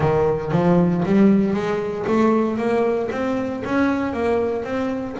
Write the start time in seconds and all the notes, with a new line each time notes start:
0.00 D#3
0.51 F3
1.05 G3
1.53 G#3
2.07 A3
2.57 A#3
3.11 C4
3.65 C#4
4.13 A#3
4.64 C4